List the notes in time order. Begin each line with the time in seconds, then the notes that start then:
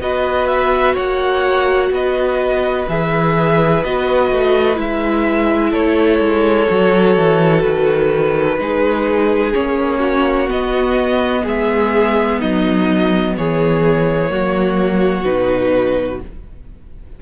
0.00 B3 F#4 B4 D#5
0.47 E5
0.94 A#3 C#5 F#5
1.91 B3 B4 D#5
2.88 E3 G#4 E5
3.83 B3 F#4 D#5
4.31 A3
4.75 G#3 E4 E5
5.70 A3 A4 C#5
6.19 G#3
6.67 F#3 F#4
7.16 E3
7.61 D#3 B4
8.59 G#3 D#4 G#4
9.53 A#3 C#4 C#5
9.99 F#4
10.46 B3 D#5
11.43 G#3 G#4 E5
12.39 F#3 D#4 D#5
13.36 E3 G#4 C#5
14.29 F#3 A#3 F#4
15.24 B2 D#4 B4